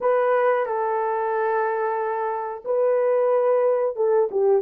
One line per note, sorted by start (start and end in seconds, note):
0.01 0.66 B4
0.66 2.63 A4
2.65 3.96 B4
3.96 4.29 A4
4.31 4.62 G4